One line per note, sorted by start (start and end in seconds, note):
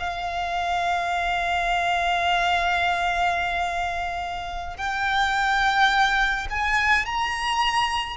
0.00 4.78 F5
4.78 6.48 G5
6.50 7.06 G#5
7.06 8.17 A#5